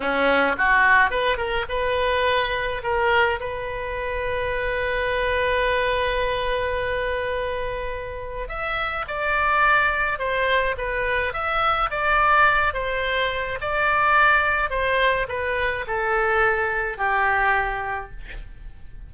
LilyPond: \new Staff \with { instrumentName = "oboe" } { \time 4/4 \tempo 4 = 106 cis'4 fis'4 b'8 ais'8 b'4~ | b'4 ais'4 b'2~ | b'1~ | b'2. e''4 |
d''2 c''4 b'4 | e''4 d''4. c''4. | d''2 c''4 b'4 | a'2 g'2 | }